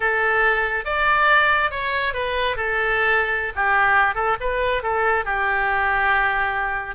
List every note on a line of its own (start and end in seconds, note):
0.00 0.85 A4
0.85 1.70 D5
1.70 2.13 C#5
2.13 2.56 B4
2.56 3.53 A4
3.55 4.15 G4
4.15 4.36 A4
4.40 4.83 B4
4.83 5.24 A4
5.24 6.95 G4